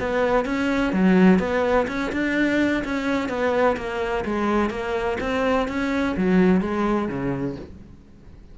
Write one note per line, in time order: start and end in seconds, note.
0.00 0.45 B3
0.45 0.93 C#4
0.93 1.39 F#3
1.39 1.87 B3
1.88 2.12 C#4
2.12 2.84 D4
2.84 3.29 C#4
3.29 3.77 B3
3.77 4.25 A#3
4.25 4.70 G#3
4.70 5.18 A#3
5.21 5.68 C4
5.68 6.16 C#4
6.17 6.61 F#3
6.61 7.08 G#3
7.08 7.56 C#3